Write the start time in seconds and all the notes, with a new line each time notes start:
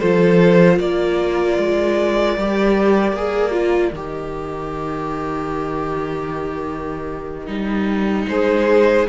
0.00 F3 F4 A4 C5
0.78 A#3 A#4 D5
1.58 G#3
2.37 G3 G4
3.12 A#3 G#4
3.52 F4
3.92 D#3 G4 D#5
7.47 G3 D#4
8.28 G#3 G#4 C5